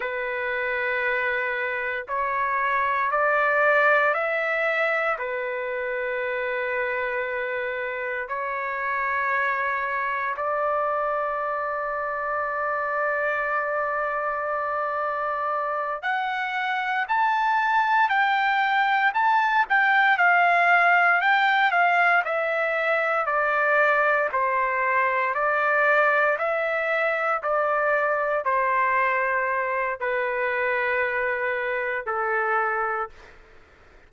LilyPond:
\new Staff \with { instrumentName = "trumpet" } { \time 4/4 \tempo 4 = 58 b'2 cis''4 d''4 | e''4 b'2. | cis''2 d''2~ | d''2.~ d''8 fis''8~ |
fis''8 a''4 g''4 a''8 g''8 f''8~ | f''8 g''8 f''8 e''4 d''4 c''8~ | c''8 d''4 e''4 d''4 c''8~ | c''4 b'2 a'4 | }